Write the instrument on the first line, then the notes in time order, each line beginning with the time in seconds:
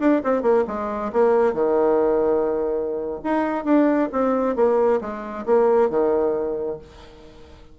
bassoon
0.00 D4
0.24 C4
0.42 A#3
0.68 G#3
1.13 A#3
1.54 D#3
3.24 D#4
3.65 D4
4.13 C4
4.56 A#3
5.01 G#3
5.46 A#3
5.90 D#3